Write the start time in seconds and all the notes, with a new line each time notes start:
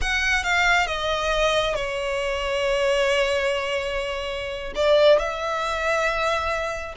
0.01 F#5
0.43 F5
0.86 D#5
1.75 C#5
4.75 D5
5.18 E5